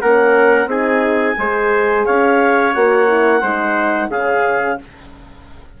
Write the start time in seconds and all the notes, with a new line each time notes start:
0.00 A#3 C#4 A#4 F#5
0.66 C4 D#4 G#4 G#5
1.37 G#3 G#4 C5
2.05 C#4 C#5 F5
2.73 A#3 F#4 F#5
3.07 E4
3.41 G#3 D#4 C5
4.09 C#3 C#4 G#4 F5